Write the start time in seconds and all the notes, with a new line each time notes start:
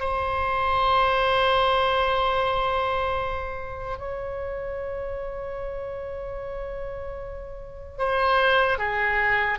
0.00 C5
3.99 C#5
7.99 C5
8.79 G#4